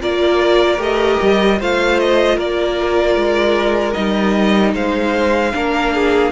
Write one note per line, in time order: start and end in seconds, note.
0.00 0.77 A#3
0.00 0.77 F4
0.00 1.59 A#4
0.00 0.80 D5
0.77 1.17 A3
0.77 1.56 G4
0.77 1.61 D#5
1.21 1.60 G3
1.59 2.37 A3
1.59 3.93 F4
1.59 2.36 C5
1.59 1.99 F5
1.99 2.38 D#5
2.36 3.15 A#3
2.36 4.73 A#4
2.36 3.93 D5
3.15 3.94 G#3
3.93 4.73 G3
3.93 5.51 D#4
3.93 4.72 D#5
4.73 5.52 G#3
4.73 5.52 C5
4.73 6.31 F5
5.53 6.31 A#3
5.53 6.31 D4
5.53 5.94 A#4
5.94 6.31 G#4